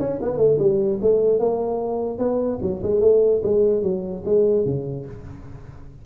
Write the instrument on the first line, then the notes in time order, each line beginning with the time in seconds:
tuba
0.00 C#4
0.22 B3
0.38 A3
0.59 G3
1.02 A3
1.40 A#3
2.19 B3
2.62 F#3
2.83 G#3
3.01 A3
3.43 G#3
3.83 F#3
4.26 G#3
4.66 C#3